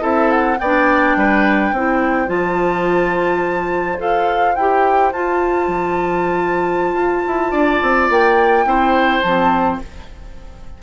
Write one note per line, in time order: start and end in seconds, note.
0.00 0.59 C4
0.00 0.57 E4
0.00 0.58 A4
0.00 0.31 E5
0.31 0.59 F#5
0.59 1.16 B3
0.59 1.77 D4
0.59 1.18 D5
0.59 2.29 G5
1.16 1.72 G3
1.16 1.75 B4
1.72 2.28 C4
1.72 2.27 E4
1.72 7.52 C5
2.27 3.98 F3
2.27 3.97 F4
2.27 3.99 A5
3.98 4.56 F4
3.98 4.55 A4
3.98 4.56 F5
4.56 5.13 E4
4.56 5.13 G4
4.56 5.12 G5
5.13 5.68 F4
5.13 8.67 F4
5.13 8.10 A5
5.68 6.94 F3
6.94 7.22 F4
7.27 7.52 E4
7.52 7.81 D4
7.52 8.65 D5
7.83 8.10 C4
8.10 8.65 A#3
8.10 9.22 G5
8.65 9.22 C4
8.65 9.23 E4
8.65 9.81 C5
9.22 9.81 F3
9.22 9.83 C4
9.22 9.78 A5